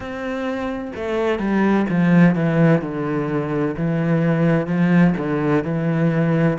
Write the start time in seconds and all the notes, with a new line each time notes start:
0.00 C4
0.95 A3
1.38 G3
1.89 F3
2.35 E3
2.81 D3
3.76 E3
4.66 F3
5.17 D3
5.64 E3